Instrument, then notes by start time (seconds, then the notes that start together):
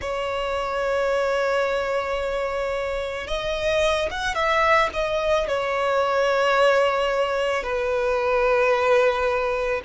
violin
0.00 C#5
3.27 D#5
4.11 F#5
4.34 E5
4.93 D#5
5.47 C#5
7.63 B4